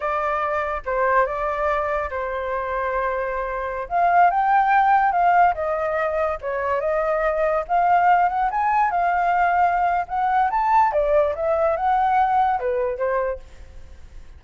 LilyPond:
\new Staff \with { instrumentName = "flute" } { \time 4/4 \tempo 4 = 143 d''2 c''4 d''4~ | d''4 c''2.~ | c''4~ c''16 f''4 g''4.~ g''16~ | g''16 f''4 dis''2 cis''8.~ |
cis''16 dis''2 f''4. fis''16~ | fis''16 gis''4 f''2~ f''8. | fis''4 a''4 d''4 e''4 | fis''2 b'4 c''4 | }